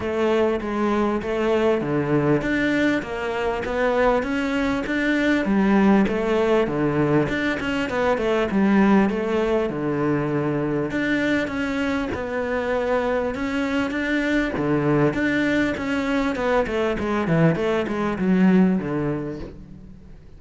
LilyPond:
\new Staff \with { instrumentName = "cello" } { \time 4/4 \tempo 4 = 99 a4 gis4 a4 d4 | d'4 ais4 b4 cis'4 | d'4 g4 a4 d4 | d'8 cis'8 b8 a8 g4 a4 |
d2 d'4 cis'4 | b2 cis'4 d'4 | d4 d'4 cis'4 b8 a8 | gis8 e8 a8 gis8 fis4 d4 | }